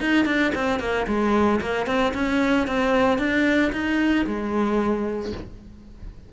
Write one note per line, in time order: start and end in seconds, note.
0.00 0.25 D#4
0.25 0.52 D4
0.54 0.79 C4
0.79 1.06 A#3
1.07 1.60 G#3
1.60 1.86 A#3
1.86 2.13 C4
2.14 2.67 C#4
2.67 3.18 C4
3.18 3.71 D4
3.72 4.25 D#4
4.26 5.32 G#3